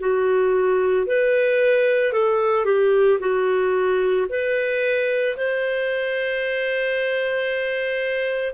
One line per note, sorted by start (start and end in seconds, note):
0.00 1.07 F#4
1.07 2.13 B4
2.13 2.65 A4
2.65 3.19 G4
3.20 4.27 F#4
4.30 5.37 B4
5.37 8.55 C5